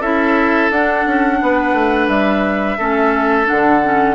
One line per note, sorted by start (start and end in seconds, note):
0.00 0.70 C#4
0.00 0.71 E4
0.00 1.38 A4
0.00 0.70 E5
0.70 1.04 D4
0.70 2.78 D4
0.70 2.08 F#5
1.06 1.40 C#4
1.42 1.73 B3
1.42 2.78 B4
1.73 2.08 A3
2.08 2.77 G3
2.08 3.46 E5
2.78 3.48 A3
2.78 3.45 C#4
2.78 4.14 A4
3.45 3.79 D4
3.45 4.14 F#5
3.51 4.14 D3
3.84 4.14 C#4